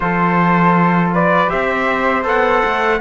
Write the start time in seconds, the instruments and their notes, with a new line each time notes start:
0.00 cello F3, trombone F4, flute A4, trumpet C5
1.13 flute B4, trumpet D5
1.47 cello C4, trombone G4, flute C5, trumpet E5
2.23 cello B3, trombone A4, trumpet F#5
2.65 cello A3